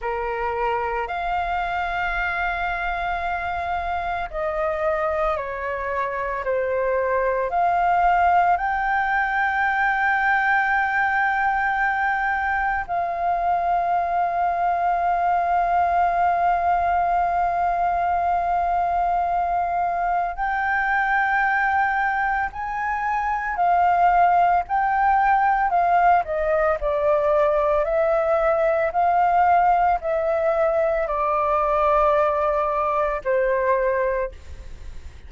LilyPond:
\new Staff \with { instrumentName = "flute" } { \time 4/4 \tempo 4 = 56 ais'4 f''2. | dis''4 cis''4 c''4 f''4 | g''1 | f''1~ |
f''2. g''4~ | g''4 gis''4 f''4 g''4 | f''8 dis''8 d''4 e''4 f''4 | e''4 d''2 c''4 | }